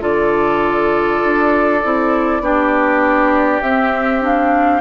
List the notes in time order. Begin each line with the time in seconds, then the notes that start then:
0.00 D3 F4 A4 D5
1.24 D4
1.83 C4 E4
2.41 B3 D4 G4
3.62 C4 E5
4.21 D4 F5